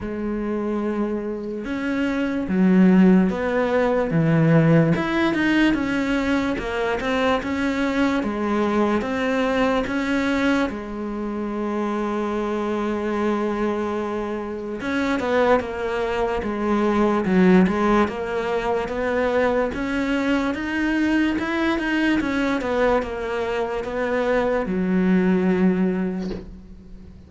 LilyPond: \new Staff \with { instrumentName = "cello" } { \time 4/4 \tempo 4 = 73 gis2 cis'4 fis4 | b4 e4 e'8 dis'8 cis'4 | ais8 c'8 cis'4 gis4 c'4 | cis'4 gis2.~ |
gis2 cis'8 b8 ais4 | gis4 fis8 gis8 ais4 b4 | cis'4 dis'4 e'8 dis'8 cis'8 b8 | ais4 b4 fis2 | }